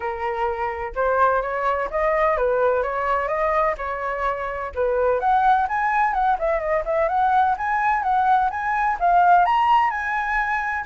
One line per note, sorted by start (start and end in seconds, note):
0.00 0.93 A#4
0.95 1.42 C5
1.42 1.89 C#5
1.90 2.37 D#5
2.37 2.82 B4
2.82 3.28 C#5
3.28 3.75 D#5
3.77 4.72 C#5
4.74 5.20 B4
5.20 5.67 F#5
5.68 6.13 G#5
6.13 6.37 F#5
6.38 6.59 E5
6.59 6.83 D#5
6.85 7.08 E5
7.08 7.55 F#5
7.57 8.02 G#5
8.02 8.50 F#5
8.50 8.97 G#5
8.99 9.45 F5
9.45 9.90 A#5
9.90 10.84 G#5